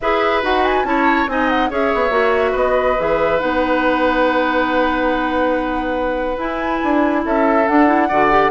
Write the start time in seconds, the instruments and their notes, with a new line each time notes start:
0.00 bassoon E4, clarinet G#4, oboe B4, flute E5
0.42 bassoon D#4, clarinet F#4, flute F#5
0.64 flute G#5
0.84 bassoon C#4, clarinet E4, oboe C#5, flute A5
1.27 bassoon C4, clarinet D#4, oboe D#5, flute G#5
1.49 flute F#5
1.70 bassoon C#4, clarinet G#4, oboe C#5, flute E5
1.94 bassoon B3
2.10 bassoon A#3, clarinet F#4
2.51 bassoon B3, oboe B4
2.57 flute D#5
2.98 bassoon E3, clarinet G#4, flute E5
3.39 bassoon B3, clarinet D#4, flute F#5
6.37 bassoon E4, clarinet E4, flute G#5
6.83 bassoon D4
7.25 bassoon C#4, oboe A4, flute E5
7.65 clarinet D4, bassoon D4, flute F#5
7.86 clarinet E4
8.08 bassoon D3, clarinet F#4, oboe D5
8.30 clarinet G4